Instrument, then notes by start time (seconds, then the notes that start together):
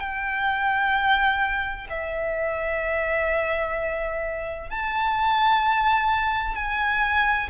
violin
0.00 G5
1.90 E5
4.70 A5
6.56 G#5